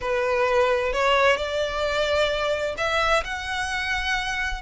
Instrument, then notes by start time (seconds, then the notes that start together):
violin
0.00 B4
0.92 C#5
1.36 D5
2.77 E5
3.24 F#5